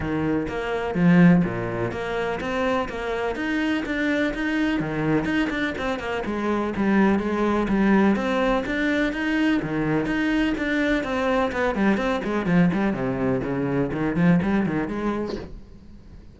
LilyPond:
\new Staff \with { instrumentName = "cello" } { \time 4/4 \tempo 4 = 125 dis4 ais4 f4 ais,4 | ais4 c'4 ais4 dis'4 | d'4 dis'4 dis4 dis'8 d'8 | c'8 ais8 gis4 g4 gis4 |
g4 c'4 d'4 dis'4 | dis4 dis'4 d'4 c'4 | b8 g8 c'8 gis8 f8 g8 c4 | cis4 dis8 f8 g8 dis8 gis4 | }